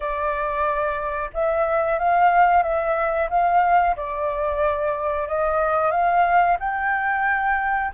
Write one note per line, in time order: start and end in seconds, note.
0.00 1.30 D5
1.33 1.98 E5
1.98 2.62 F5
2.62 3.28 E5
3.30 3.96 F5
3.96 5.27 D5
5.27 5.91 D#5
5.91 6.57 F5
6.59 7.91 G5